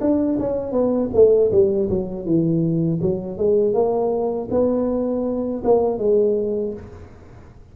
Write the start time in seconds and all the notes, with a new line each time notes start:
0.00 D4
0.39 C#4
0.71 B3
1.13 A3
1.51 G3
1.89 F#3
2.25 E3
3.01 F#3
3.37 G#3
3.73 A#3
4.50 B3
5.64 A#3
5.98 G#3